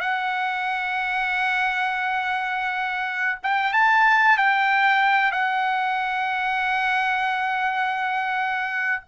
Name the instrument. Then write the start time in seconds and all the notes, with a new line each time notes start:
trumpet
0.00 F#5
3.43 G5
3.73 A5
4.37 G5
5.32 F#5